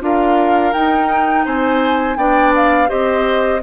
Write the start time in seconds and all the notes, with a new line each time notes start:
0.00 D4 F4 A#4 F5
0.73 D#4 G5
1.45 C4 C5 G#5
2.17 B3 D4 D5 G5
2.55 F5
2.87 C4 G4 C5 D#5